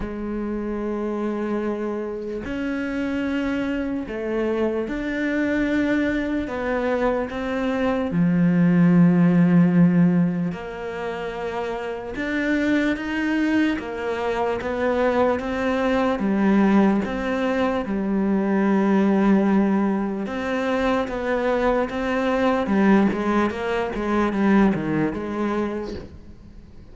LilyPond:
\new Staff \with { instrumentName = "cello" } { \time 4/4 \tempo 4 = 74 gis2. cis'4~ | cis'4 a4 d'2 | b4 c'4 f2~ | f4 ais2 d'4 |
dis'4 ais4 b4 c'4 | g4 c'4 g2~ | g4 c'4 b4 c'4 | g8 gis8 ais8 gis8 g8 dis8 gis4 | }